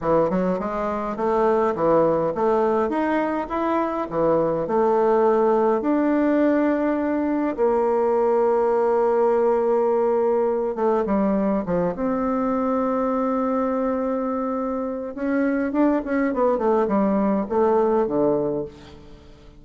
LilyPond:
\new Staff \with { instrumentName = "bassoon" } { \time 4/4 \tempo 4 = 103 e8 fis8 gis4 a4 e4 | a4 dis'4 e'4 e4 | a2 d'2~ | d'4 ais2.~ |
ais2~ ais8 a8 g4 | f8 c'2.~ c'8~ | c'2 cis'4 d'8 cis'8 | b8 a8 g4 a4 d4 | }